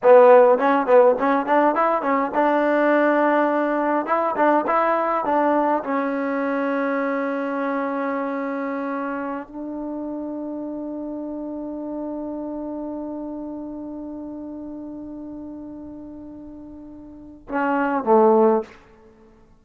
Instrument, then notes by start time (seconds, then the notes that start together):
trombone
0.03 B3
0.58 C#4
0.86 B3
1.18 C#4
1.46 D4
1.75 E4
2.02 C#4
2.34 D4
4.06 E4
4.36 D4
4.67 E4
5.25 D4
5.83 C#4
9.47 D4
17.48 C#4
18.04 A3